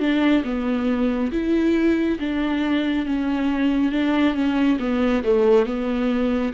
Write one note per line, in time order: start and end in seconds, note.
0.00 0.43 D4
0.44 1.31 B3
1.32 2.19 E4
2.19 3.06 D4
3.06 3.92 C#4
3.92 4.34 D4
4.34 4.78 C#4
4.79 5.23 B3
5.24 5.66 A3
5.66 6.53 B3